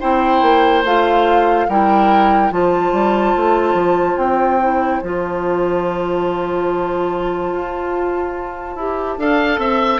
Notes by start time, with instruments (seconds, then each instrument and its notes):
0.00 bassoon C4, clarinet E4, oboe C5, flute G5
0.42 bassoon A#3
0.84 bassoon A3, clarinet F4, flute F5
1.68 bassoon G3, clarinet E4, oboe A#4, flute G5
2.51 bassoon F3, clarinet F4, oboe C5, flute A5
2.92 bassoon G3
3.36 bassoon A3
3.73 bassoon F3
4.17 bassoon C4, flute G5
4.61 clarinet E4
5.01 bassoon F3, clarinet F4, flute A5
7.52 bassoon F4
8.75 bassoon E4, clarinet G4
9.17 bassoon D4, clarinet A4, oboe F5
9.58 bassoon C4, oboe E5